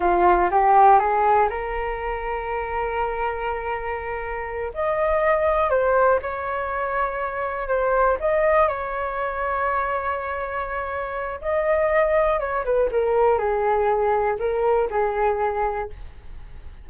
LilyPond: \new Staff \with { instrumentName = "flute" } { \time 4/4 \tempo 4 = 121 f'4 g'4 gis'4 ais'4~ | ais'1~ | ais'4. dis''2 c''8~ | c''8 cis''2. c''8~ |
c''8 dis''4 cis''2~ cis''8~ | cis''2. dis''4~ | dis''4 cis''8 b'8 ais'4 gis'4~ | gis'4 ais'4 gis'2 | }